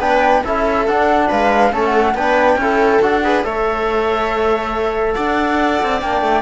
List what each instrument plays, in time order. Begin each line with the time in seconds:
0.00 cello B3, trombone D4, viola B4, flute G5
0.44 cello C#4, trombone E4, viola A4, flute E5
0.88 cello D4, trombone D4, flute F#5
1.29 cello G#3, viola B4, flute F5
1.72 cello A3, trombone C#4, viola A4, flute A5
1.85 flute F#5
2.15 cello B3, trombone D4, viola B4, flute G5
2.56 cello C#4, trombone E4, viola A4
3.02 cello D4, trombone F#4, flute F#5
3.25 trombone G#4, viola B4
3.44 cello A3, trombone A4, viola C#5, flute E5
5.14 cello D4, viola D5, flute F#5
5.83 cello C4
6.01 cello A#3, trombone D4, flute G5
6.22 cello A3